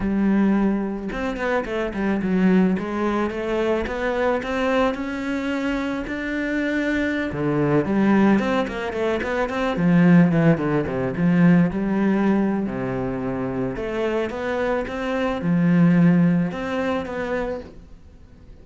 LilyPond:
\new Staff \with { instrumentName = "cello" } { \time 4/4 \tempo 4 = 109 g2 c'8 b8 a8 g8 | fis4 gis4 a4 b4 | c'4 cis'2 d'4~ | d'4~ d'16 d4 g4 c'8 ais16~ |
ais16 a8 b8 c'8 f4 e8 d8 c16~ | c16 f4 g4.~ g16 c4~ | c4 a4 b4 c'4 | f2 c'4 b4 | }